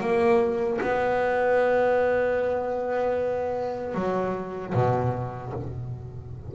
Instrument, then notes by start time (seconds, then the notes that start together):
double bass
0.00 A#3
0.80 B3
3.94 F#3
4.74 B2